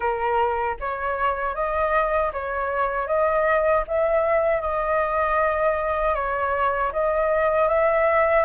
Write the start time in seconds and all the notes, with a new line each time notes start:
0.00 A#4
0.79 C#5
1.54 D#5
2.32 C#5
3.07 D#5
3.87 E5
4.61 D#5
6.14 C#5
6.92 D#5
7.68 E5